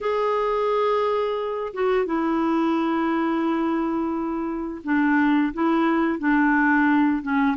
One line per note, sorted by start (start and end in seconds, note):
0.00 1.73 G#4
1.73 2.05 F#4
2.05 4.81 E4
4.84 5.53 D4
5.53 6.18 E4
6.18 7.22 D4
7.22 7.56 C#4